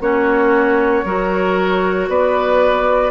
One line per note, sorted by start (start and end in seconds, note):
0.00 1.03 A#3
0.00 1.05 C#4
0.00 1.05 F#4
0.00 2.08 C#5
1.05 2.08 F#3
1.05 3.11 F#4
1.05 2.09 A#4
2.08 3.11 B3
2.08 3.11 B4
2.08 3.11 D5